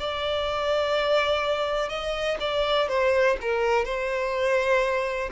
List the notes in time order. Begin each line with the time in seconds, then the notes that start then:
0.00 D5
1.90 D#5
2.41 D5
2.89 C5
3.42 A#4
3.85 C5